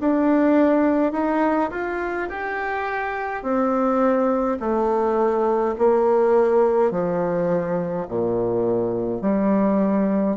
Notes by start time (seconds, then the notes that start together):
0.00 D4
1.12 D#4
1.70 F4
2.29 G4
3.42 C4
4.59 A3
5.78 A#3
6.91 F3
8.08 A#2
9.21 G3